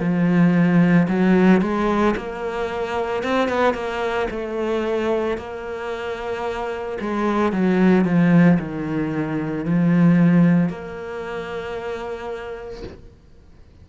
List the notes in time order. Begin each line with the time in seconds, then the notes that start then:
0.00 F3
1.09 F#3
1.62 G#3
2.17 A#3
3.23 C4
3.49 B3
3.74 A#3
4.31 A3
5.38 A#3
7.01 G#3
7.52 F#3
8.05 F3
8.60 D#3
9.65 F3
10.69 A#3